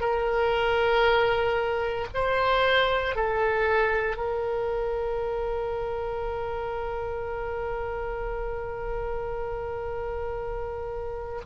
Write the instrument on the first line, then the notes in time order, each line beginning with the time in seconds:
oboe
0.00 A#4
2.14 C5
3.16 A4
4.17 A#4